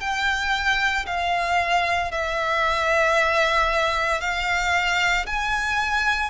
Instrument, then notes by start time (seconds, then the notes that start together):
violin
0.00 G5
1.06 F5
2.11 E5
4.21 F5
5.26 G#5